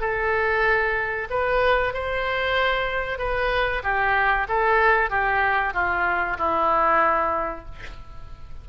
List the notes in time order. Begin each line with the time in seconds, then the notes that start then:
0.00 A4
1.29 B4
1.93 C5
3.18 B4
3.83 G4
4.48 A4
5.10 G4
5.73 F4
6.37 E4